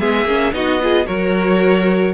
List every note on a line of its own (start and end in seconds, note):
0.00 0.25 G#3
0.00 0.27 B3
0.00 0.54 G#4
0.00 0.54 E5
0.25 0.52 A#3
0.25 0.54 C#4
0.53 1.07 B3
0.53 0.81 D#4
0.53 0.82 F#4
0.53 1.07 D#5
0.82 1.05 F4
0.82 1.07 G#4
1.05 2.15 F#3
1.05 2.13 F#4
1.05 2.15 A#4
1.05 2.15 C#5